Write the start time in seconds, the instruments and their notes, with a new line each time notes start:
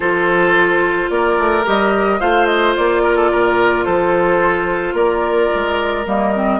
0.00 bassoon F3, clarinet F4, oboe A4, flute C5
1.09 bassoon A#3, oboe A#4, flute D5
1.37 bassoon A3
1.65 bassoon G3, clarinet G4, flute D#5
2.19 bassoon A3, clarinet F4, oboe C5, flute F5
2.46 flute D#5
2.76 bassoon A#3, flute D5
3.03 oboe A#4
3.16 oboe A4
3.31 bassoon A#2, oboe A#4
3.84 bassoon F3, oboe A4, flute C5
4.93 bassoon A#3, oboe A#4, flute D5
5.54 bassoon G#3
6.06 bassoon G3, clarinet A#3, flute D#5
6.34 clarinet C4